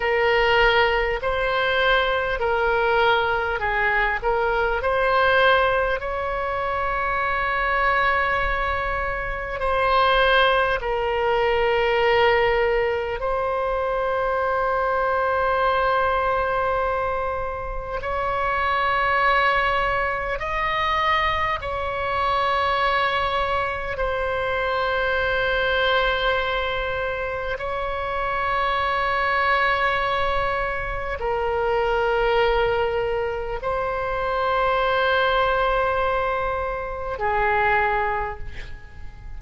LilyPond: \new Staff \with { instrumentName = "oboe" } { \time 4/4 \tempo 4 = 50 ais'4 c''4 ais'4 gis'8 ais'8 | c''4 cis''2. | c''4 ais'2 c''4~ | c''2. cis''4~ |
cis''4 dis''4 cis''2 | c''2. cis''4~ | cis''2 ais'2 | c''2. gis'4 | }